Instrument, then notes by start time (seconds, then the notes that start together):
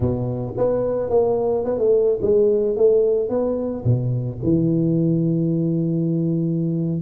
tuba
0.00 B2
0.57 B3
1.09 A#3
1.64 B3
1.78 A3
2.22 G#3
2.76 A3
3.29 B3
3.84 B2
4.43 E3